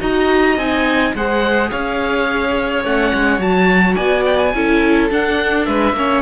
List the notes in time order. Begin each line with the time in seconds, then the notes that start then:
0.00 D#4 F#4 D#5 A#5
0.57 C4 D#4 G#5
1.15 G#3 G#4 C5 F#5
1.70 C#4 C#5 F5
2.84 A3 C#4 F#5
3.14 G#3
3.39 F#3 F#4 A5
3.96 B3 D5 G#5
4.26 G5
4.37 G#5
4.54 C#4 E4 A4
5.10 D4 F#5
5.66 G#3 B4 E5
5.93 A#3 C#4 C#5